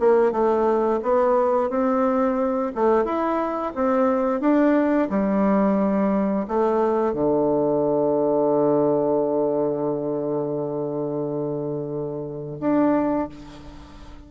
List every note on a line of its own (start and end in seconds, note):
0.00 0.32 A#3
0.32 1.00 A3
1.03 1.70 B3
1.70 2.72 C4
2.75 3.05 A3
3.05 3.73 E4
3.75 4.41 C4
4.41 5.09 D4
5.10 6.46 G3
6.48 7.14 A3
7.14 12.59 D3
12.61 13.29 D4